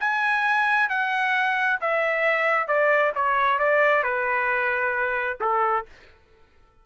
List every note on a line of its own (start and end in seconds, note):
0.00 0.89 G#5
0.89 1.80 F#5
1.81 2.68 E5
2.68 3.13 D5
3.15 3.59 C#5
3.59 4.04 D5
4.04 5.39 B4
5.41 5.86 A4